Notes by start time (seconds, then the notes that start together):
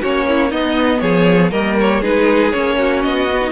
0.00 A#3 C#4 F#4 C#5
0.28 E4
0.49 B3 D#4 D#5
0.99 F3 G#4 C#5
1.51 G3 A#3 A#4 D#5
1.80 C#5
2.00 G#3 D#4 G#4 B4
2.51 A#3 C#4 C#5
2.77 F#4
3.01 B3 D#5
3.32 B3
3.41 D#4